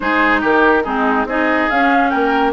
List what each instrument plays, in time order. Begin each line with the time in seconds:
0.00 bassoon G#3, clarinet D#4, oboe G#4, flute C5
0.40 bassoon D#3, oboe G4, flute A#4
0.84 bassoon G#3, clarinet C4, oboe D#4, flute G#4
1.25 bassoon C4, clarinet D#4, oboe G#4, flute D#5
1.70 bassoon C#4, clarinet C#4, flute F5
2.10 bassoon A#3, oboe A#4, flute G5